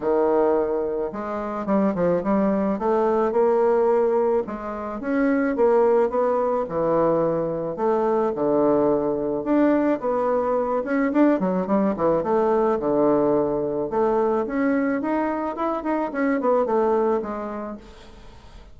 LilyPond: \new Staff \with { instrumentName = "bassoon" } { \time 4/4 \tempo 4 = 108 dis2 gis4 g8 f8 | g4 a4 ais2 | gis4 cis'4 ais4 b4 | e2 a4 d4~ |
d4 d'4 b4. cis'8 | d'8 fis8 g8 e8 a4 d4~ | d4 a4 cis'4 dis'4 | e'8 dis'8 cis'8 b8 a4 gis4 | }